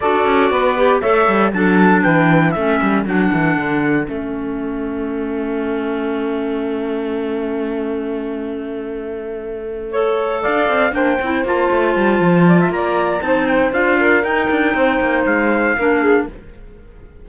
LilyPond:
<<
  \new Staff \with { instrumentName = "trumpet" } { \time 4/4 \tempo 4 = 118 d''2 e''4 a''4 | g''4 e''4 fis''2 | e''1~ | e''1~ |
e''1~ | e''8 f''4 g''4 a''4.~ | a''4 ais''4 a''8 g''8 f''4 | g''2 f''2 | }
  \new Staff \with { instrumentName = "saxophone" } { \time 4/4 a'4 b'4 cis''4 a'4 | b'4 a'2.~ | a'1~ | a'1~ |
a'2.~ a'8 cis''8~ | cis''8 d''4 c''2~ c''8~ | c''8 d''16 e''16 d''4 c''4. ais'8~ | ais'4 c''2 ais'8 gis'8 | }
  \new Staff \with { instrumentName = "clarinet" } { \time 4/4 fis'4. g'8 a'4 d'4~ | d'4 cis'4 d'2 | cis'1~ | cis'1~ |
cis'2.~ cis'8 a'8~ | a'4. d'8 e'8 f'4.~ | f'2 dis'4 f'4 | dis'2. d'4 | }
  \new Staff \with { instrumentName = "cello" } { \time 4/4 d'8 cis'8 b4 a8 g8 fis4 | e4 a8 g8 fis8 e8 d4 | a1~ | a1~ |
a1~ | a8 d'8 c'8 ais8 c'8 ais8 a8 g8 | f4 ais4 c'4 d'4 | dis'8 d'8 c'8 ais8 gis4 ais4 | }
>>